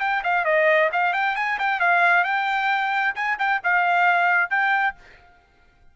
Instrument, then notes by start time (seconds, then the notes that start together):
trumpet
0.00 G5
0.24 F5
0.45 D#5
0.93 F5
1.13 G5
1.36 G#5
1.59 G5
1.80 F5
2.24 G5
3.15 G#5
3.39 G5
3.64 F5
4.50 G5